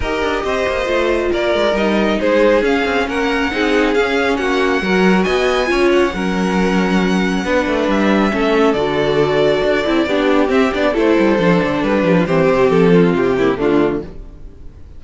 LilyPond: <<
  \new Staff \with { instrumentName = "violin" } { \time 4/4 \tempo 4 = 137 dis''2. d''4 | dis''4 c''4 f''4 fis''4~ | fis''4 f''4 fis''2 | gis''4. fis''2~ fis''8~ |
fis''2 e''2 | d''1 | e''8 d''8 c''2 b'4 | c''4 a'4 g'4 f'4 | }
  \new Staff \with { instrumentName = "violin" } { \time 4/4 ais'4 c''2 ais'4~ | ais'4 gis'2 ais'4 | gis'2 fis'4 ais'4 | dis''4 cis''4 ais'2~ |
ais'4 b'2 a'4~ | a'2. g'4~ | g'4 a'2~ a'8 g'16 f'16 | g'4. f'4 e'8 d'4 | }
  \new Staff \with { instrumentName = "viola" } { \time 4/4 g'2 f'2 | dis'2 cis'2 | dis'4 cis'2 fis'4~ | fis'4 f'4 cis'2~ |
cis'4 d'2 cis'4 | fis'2~ fis'8 e'8 d'4 | c'8 d'8 e'4 d'2 | c'2~ c'8 ais8 a4 | }
  \new Staff \with { instrumentName = "cello" } { \time 4/4 dis'8 d'8 c'8 ais8 a4 ais8 gis8 | g4 gis4 cis'8 c'8 ais4 | c'4 cis'4 ais4 fis4 | b4 cis'4 fis2~ |
fis4 b8 a8 g4 a4 | d2 d'8 c'8 b4 | c'8 b8 a8 g8 f8 d8 g8 f8 | e8 c8 f4 c4 d4 | }
>>